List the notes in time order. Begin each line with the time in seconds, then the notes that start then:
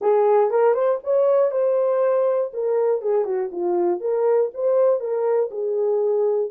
0.01 G#4
0.50 A#4
0.74 C5
1.03 C#5
1.51 C5
2.53 A#4
3.01 G#4
3.25 F#4
3.51 F4
4.00 A#4
4.54 C5
5.00 A#4
5.50 G#4